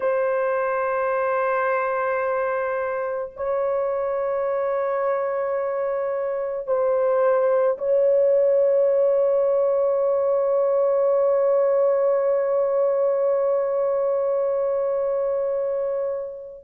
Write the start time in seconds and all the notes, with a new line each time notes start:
0.00 C5
3.36 C#5
6.66 C5
7.78 C#5